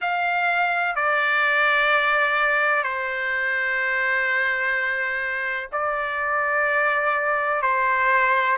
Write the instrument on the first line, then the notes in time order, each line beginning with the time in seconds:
trumpet
0.01 F5
0.95 D5
2.83 C5
5.71 D5
7.61 C5